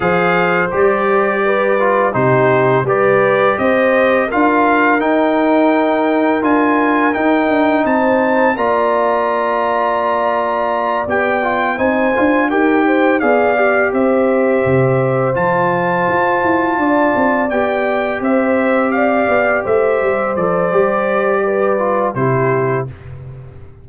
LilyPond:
<<
  \new Staff \with { instrumentName = "trumpet" } { \time 4/4 \tempo 4 = 84 f''4 d''2 c''4 | d''4 dis''4 f''4 g''4~ | g''4 gis''4 g''4 a''4 | ais''2.~ ais''8 g''8~ |
g''8 gis''4 g''4 f''4 e''8~ | e''4. a''2~ a''8~ | a''8 g''4 e''4 f''4 e''8~ | e''8 d''2~ d''8 c''4 | }
  \new Staff \with { instrumentName = "horn" } { \time 4/4 c''2 b'4 g'4 | b'4 c''4 ais'2~ | ais'2. c''4 | d''1~ |
d''8 c''4 ais'8 c''8 d''4 c''8~ | c''2.~ c''8 d''8~ | d''4. c''4 d''4 c''8~ | c''2 b'4 g'4 | }
  \new Staff \with { instrumentName = "trombone" } { \time 4/4 gis'4 g'4. f'8 dis'4 | g'2 f'4 dis'4~ | dis'4 f'4 dis'2 | f'2.~ f'8 g'8 |
f'8 dis'8 f'8 g'4 gis'8 g'4~ | g'4. f'2~ f'8~ | f'8 g'2.~ g'8~ | g'8 a'8 g'4. f'8 e'4 | }
  \new Staff \with { instrumentName = "tuba" } { \time 4/4 f4 g2 c4 | g4 c'4 d'4 dis'4~ | dis'4 d'4 dis'8 d'8 c'4 | ais2.~ ais8 b8~ |
b8 c'8 d'8 dis'4 b4 c'8~ | c'8 c4 f4 f'8 e'8 d'8 | c'8 b4 c'4. b8 a8 | g8 f8 g2 c4 | }
>>